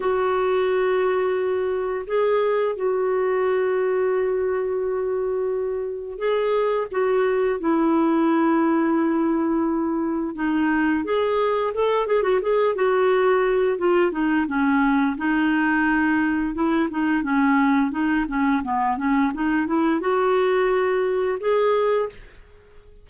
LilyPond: \new Staff \with { instrumentName = "clarinet" } { \time 4/4 \tempo 4 = 87 fis'2. gis'4 | fis'1~ | fis'4 gis'4 fis'4 e'4~ | e'2. dis'4 |
gis'4 a'8 gis'16 fis'16 gis'8 fis'4. | f'8 dis'8 cis'4 dis'2 | e'8 dis'8 cis'4 dis'8 cis'8 b8 cis'8 | dis'8 e'8 fis'2 gis'4 | }